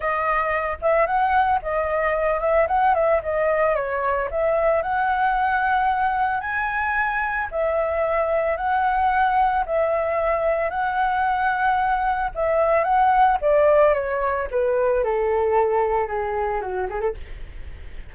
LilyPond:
\new Staff \with { instrumentName = "flute" } { \time 4/4 \tempo 4 = 112 dis''4. e''8 fis''4 dis''4~ | dis''8 e''8 fis''8 e''8 dis''4 cis''4 | e''4 fis''2. | gis''2 e''2 |
fis''2 e''2 | fis''2. e''4 | fis''4 d''4 cis''4 b'4 | a'2 gis'4 fis'8 gis'16 a'16 | }